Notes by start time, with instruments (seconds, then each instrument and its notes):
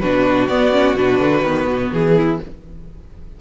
0.00 cello B2, viola D4, violin F#4 B4
0.49 cello B3, viola B3, violin D5
0.73 viola C#4
0.96 cello B2, viola D4, violin B4
1.20 cello D3
1.43 cello D#3, viola B3
1.68 cello B2
1.92 cello E3, violin G#4
2.17 violin E4